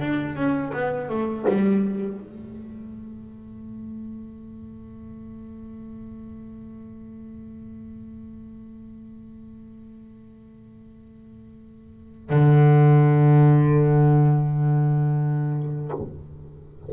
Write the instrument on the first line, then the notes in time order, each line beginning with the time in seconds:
double bass
0.00 D4
0.35 C#4
0.73 B3
1.09 A3
1.48 G3
2.19 A3
12.30 D3